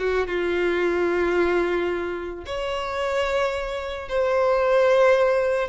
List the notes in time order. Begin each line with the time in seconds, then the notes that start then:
0.00 F#4
0.27 F4
2.46 C#5
4.09 C5